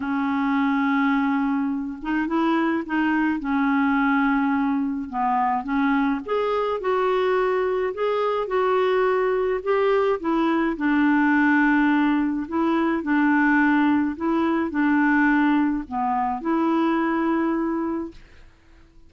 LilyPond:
\new Staff \with { instrumentName = "clarinet" } { \time 4/4 \tempo 4 = 106 cis'2.~ cis'8 dis'8 | e'4 dis'4 cis'2~ | cis'4 b4 cis'4 gis'4 | fis'2 gis'4 fis'4~ |
fis'4 g'4 e'4 d'4~ | d'2 e'4 d'4~ | d'4 e'4 d'2 | b4 e'2. | }